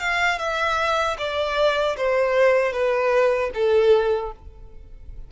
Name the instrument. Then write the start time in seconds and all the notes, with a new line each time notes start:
violin
0.00 F5
0.39 E5
1.18 D5
1.97 C5
2.73 B4
3.54 A4